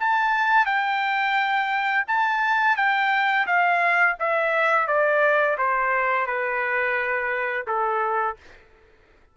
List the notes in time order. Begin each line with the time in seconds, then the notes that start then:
0.00 A5
0.66 G5
2.07 A5
2.77 G5
3.46 F5
4.20 E5
4.87 D5
5.58 C5
6.27 B4
7.67 A4